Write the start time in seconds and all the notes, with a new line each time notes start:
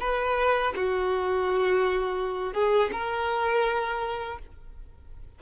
0.00 B4
0.76 F#4
2.53 G#4
2.92 A#4